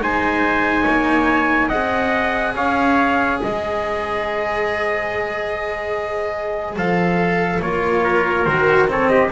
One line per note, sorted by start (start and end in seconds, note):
0.00 0.85 G#3
0.00 1.70 D#4
0.00 0.82 C5
0.00 1.68 G#5
0.82 1.70 A#3
0.82 1.67 C#5
1.67 2.55 C4
1.67 6.76 G#4
1.67 2.52 D#5
1.67 2.53 F#5
2.55 3.40 C#4
2.55 3.40 C#5
2.55 3.40 F5
3.40 6.76 G#3
3.40 8.03 C5
3.40 6.77 D#5
6.76 7.60 F3
6.76 7.60 A4
6.76 7.61 F5
7.61 8.46 A#3
7.61 8.46 F4
7.61 8.45 C#5
8.03 8.87 A#4
8.45 9.30 D#3
8.45 8.88 F#4
8.45 8.87 C5
8.88 9.30 C4
8.88 9.10 A4
8.88 9.08 C#5
9.08 9.31 G4
9.08 9.29 D#5